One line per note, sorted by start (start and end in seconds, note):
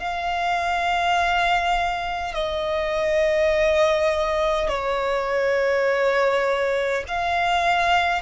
0.00 2.35 F5
2.35 4.69 D#5
4.69 7.04 C#5
7.08 8.22 F5